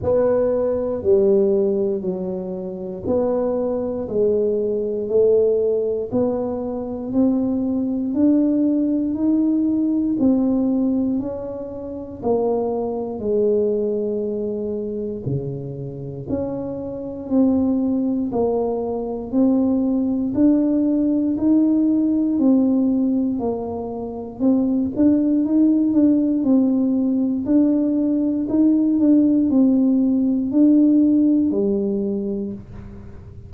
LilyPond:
\new Staff \with { instrumentName = "tuba" } { \time 4/4 \tempo 4 = 59 b4 g4 fis4 b4 | gis4 a4 b4 c'4 | d'4 dis'4 c'4 cis'4 | ais4 gis2 cis4 |
cis'4 c'4 ais4 c'4 | d'4 dis'4 c'4 ais4 | c'8 d'8 dis'8 d'8 c'4 d'4 | dis'8 d'8 c'4 d'4 g4 | }